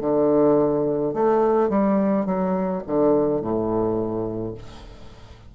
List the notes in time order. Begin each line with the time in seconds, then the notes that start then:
0.00 D3
1.13 A3
1.69 G3
2.25 F#3
2.87 D3
3.41 A2